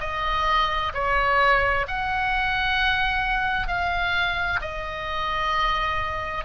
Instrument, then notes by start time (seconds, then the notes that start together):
oboe
0.00 D#5
0.94 C#5
1.88 F#5
3.68 F5
4.62 D#5